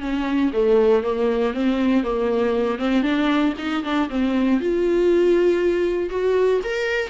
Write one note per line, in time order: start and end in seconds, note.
0.00 0.51 C#4
0.53 1.03 A3
1.03 1.53 A#3
1.53 2.03 C4
2.03 2.78 A#3
2.78 3.02 C4
3.02 3.53 D4
3.58 3.83 D#4
3.83 4.09 D4
4.09 4.60 C4
4.60 6.09 F4
6.09 6.60 F#4
6.64 7.10 A#4